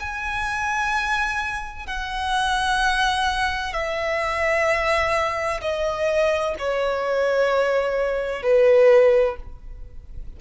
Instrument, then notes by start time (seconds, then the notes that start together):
violin
0.00 G#5
1.87 F#5
3.73 E5
5.61 D#5
6.59 C#5
8.42 B4